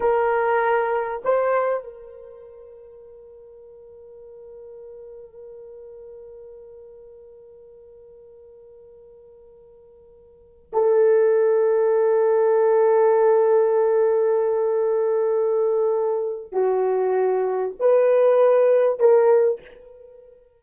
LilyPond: \new Staff \with { instrumentName = "horn" } { \time 4/4 \tempo 4 = 98 ais'2 c''4 ais'4~ | ais'1~ | ais'1~ | ais'1~ |
ais'4. a'2~ a'8~ | a'1~ | a'2. fis'4~ | fis'4 b'2 ais'4 | }